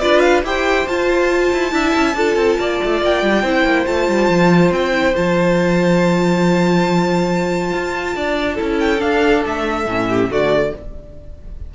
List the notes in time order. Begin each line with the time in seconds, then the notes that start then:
0.00 D4 F4 B4 D5
0.20 F5
0.43 E4 G4 C5 G5
0.88 F4 A5
1.53 E4
1.71 D4 E4 E5
1.96 C#4
2.15 D4 F4 A4
2.36 C4
2.59 A#3 D5
2.84 A3
3.02 A#3 G5
3.23 G3
3.43 C4 E4 C5
3.65 A#3
3.86 A3 F4 A5
4.08 G3
4.29 F3
4.71 C4 G5
4.93 E4
5.16 F3 F4 A5
7.73 F4
8.16 D4 D5
8.56 C#4 E4 A4
8.80 G5
8.99 D4 F5
9.46 A3 E5
9.86 A2 C#4
10.09 G4
10.30 D3 A3 F#4 D5